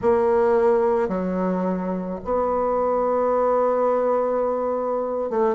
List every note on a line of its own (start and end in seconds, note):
0.01 1.08 A#3
1.08 2.19 F#3
2.24 5.30 B3
5.30 5.55 A3